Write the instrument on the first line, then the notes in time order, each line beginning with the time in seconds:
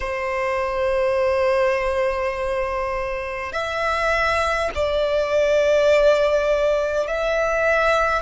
violin
0.00 C5
3.52 E5
4.74 D5
7.07 E5